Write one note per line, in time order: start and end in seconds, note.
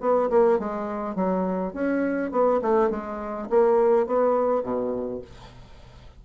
0.00 0.29 B3
0.30 0.59 A#3
0.59 1.15 G#3
1.15 1.73 F#3
1.73 2.31 C#4
2.31 2.60 B3
2.61 2.90 A3
2.90 3.48 G#3
3.50 4.06 A#3
4.06 4.63 B3
4.63 5.21 B2